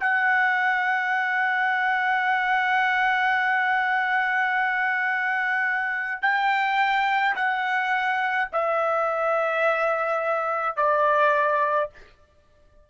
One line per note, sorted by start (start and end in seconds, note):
0.00 6.22 F#5
6.22 7.35 G5
7.35 8.49 F#5
8.52 10.76 E5
10.76 11.89 D5